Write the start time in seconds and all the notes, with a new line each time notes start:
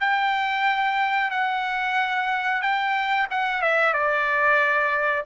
0.00 G5
1.30 F#5
2.62 G5
3.31 F#5
3.62 E5
3.93 D5